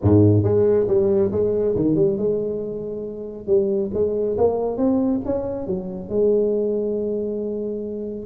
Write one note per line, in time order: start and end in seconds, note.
0.02 0.43 G#2
0.43 0.86 G#3
0.87 1.31 G3
1.31 1.75 G#3
1.75 1.95 D#3
1.95 2.17 G3
2.17 3.46 G#3
3.46 3.90 G3
3.93 4.37 G#3
4.37 4.77 A#3
4.77 5.20 C4
5.25 5.66 C#4
5.66 6.09 F#3
6.09 8.26 G#3